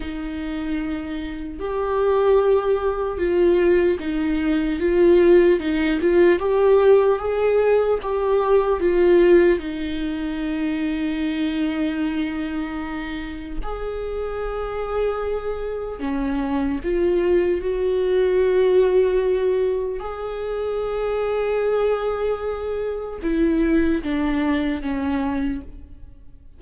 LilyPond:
\new Staff \with { instrumentName = "viola" } { \time 4/4 \tempo 4 = 75 dis'2 g'2 | f'4 dis'4 f'4 dis'8 f'8 | g'4 gis'4 g'4 f'4 | dis'1~ |
dis'4 gis'2. | cis'4 f'4 fis'2~ | fis'4 gis'2.~ | gis'4 e'4 d'4 cis'4 | }